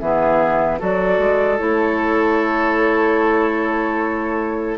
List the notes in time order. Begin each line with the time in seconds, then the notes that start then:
0.00 E3 B3 G#4 E5
0.80 F#3 F#4 A4 D5
1.19 G#3
1.59 A3 E4 C#5